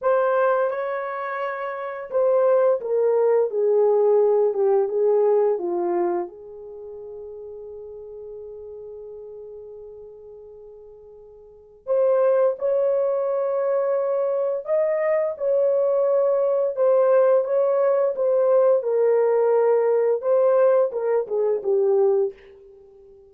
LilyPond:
\new Staff \with { instrumentName = "horn" } { \time 4/4 \tempo 4 = 86 c''4 cis''2 c''4 | ais'4 gis'4. g'8 gis'4 | f'4 gis'2.~ | gis'1~ |
gis'4 c''4 cis''2~ | cis''4 dis''4 cis''2 | c''4 cis''4 c''4 ais'4~ | ais'4 c''4 ais'8 gis'8 g'4 | }